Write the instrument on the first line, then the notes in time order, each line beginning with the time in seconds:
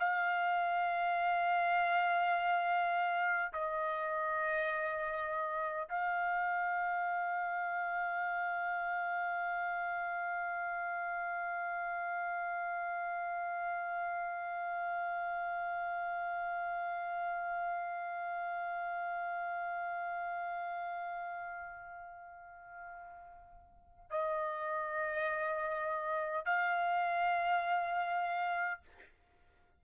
trumpet
0.00 F5
3.53 D#5
5.89 F5
24.11 D#5
26.46 F5